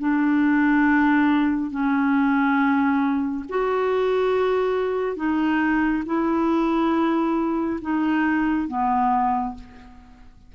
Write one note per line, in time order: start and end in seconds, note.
0.00 1.71 D4
1.71 3.45 C#4
3.49 5.17 F#4
5.17 6.04 D#4
6.06 7.80 E4
7.82 8.68 D#4
8.68 9.55 B3